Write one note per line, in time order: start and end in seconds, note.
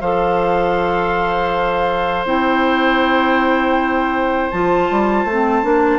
0.00 2.24 F3
0.00 2.26 A4
0.00 5.99 C5
0.00 2.26 F5
2.24 4.49 C4
2.24 4.51 E4
2.24 4.50 G5
4.50 4.90 F3
4.50 5.28 F4
4.50 5.99 A5
4.90 5.24 G3
5.24 5.62 A3
5.31 5.63 C4
5.63 5.99 A#3
5.63 5.99 D4